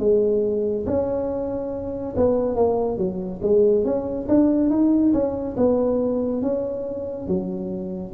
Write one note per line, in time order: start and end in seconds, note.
0.00 0.86 G#3
0.86 2.15 C#4
2.17 2.56 B3
2.56 2.98 A#3
2.98 3.41 F#3
3.42 3.85 G#3
3.85 4.28 C#4
4.29 4.70 D4
4.70 5.13 D#4
5.14 5.56 C#4
5.57 6.42 B3
6.42 7.28 C#4
7.28 8.14 F#3